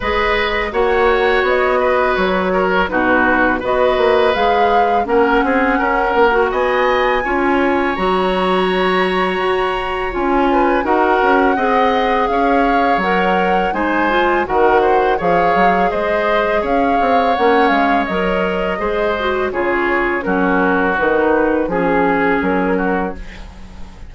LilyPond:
<<
  \new Staff \with { instrumentName = "flute" } { \time 4/4 \tempo 4 = 83 dis''4 fis''4 dis''4 cis''4 | b'4 dis''4 f''4 fis''4~ | fis''4 gis''2 ais''4~ | ais''2 gis''4 fis''4~ |
fis''4 f''4 fis''4 gis''4 | fis''4 f''4 dis''4 f''4 | fis''8 f''8 dis''2 cis''4 | ais'4 b'4 gis'4 ais'4 | }
  \new Staff \with { instrumentName = "oboe" } { \time 4/4 b'4 cis''4. b'4 ais'8 | fis'4 b'2 ais'8 gis'8 | ais'4 dis''4 cis''2~ | cis''2~ cis''8 b'8 ais'4 |
dis''4 cis''2 c''4 | ais'8 c''8 cis''4 c''4 cis''4~ | cis''2 c''4 gis'4 | fis'2 gis'4. fis'8 | }
  \new Staff \with { instrumentName = "clarinet" } { \time 4/4 gis'4 fis'2. | dis'4 fis'4 gis'4 cis'4~ | cis'8. fis'4~ fis'16 f'4 fis'4~ | fis'2 f'4 fis'4 |
gis'2 ais'4 dis'8 f'8 | fis'4 gis'2. | cis'4 ais'4 gis'8 fis'8 f'4 | cis'4 dis'4 cis'2 | }
  \new Staff \with { instrumentName = "bassoon" } { \time 4/4 gis4 ais4 b4 fis4 | b,4 b8 ais8 gis4 ais8 c'8 | cis'8 ais8 b4 cis'4 fis4~ | fis4 fis'4 cis'4 dis'8 cis'8 |
c'4 cis'4 fis4 gis4 | dis4 f8 fis8 gis4 cis'8 c'8 | ais8 gis8 fis4 gis4 cis4 | fis4 dis4 f4 fis4 | }
>>